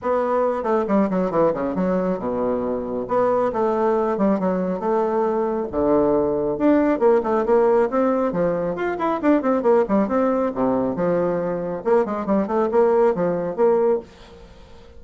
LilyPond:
\new Staff \with { instrumentName = "bassoon" } { \time 4/4 \tempo 4 = 137 b4. a8 g8 fis8 e8 cis8 | fis4 b,2 b4 | a4. g8 fis4 a4~ | a4 d2 d'4 |
ais8 a8 ais4 c'4 f4 | f'8 e'8 d'8 c'8 ais8 g8 c'4 | c4 f2 ais8 gis8 | g8 a8 ais4 f4 ais4 | }